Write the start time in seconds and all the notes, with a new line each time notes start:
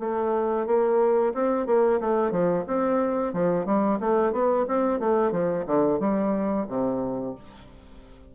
0.00 A3
0.67 A#3
1.35 C4
1.67 A#3
2.01 A3
2.32 F3
2.68 C4
3.34 F3
3.66 G3
4.01 A3
4.33 B3
4.68 C4
5.00 A3
5.32 F3
5.67 D3
6.00 G3
6.69 C3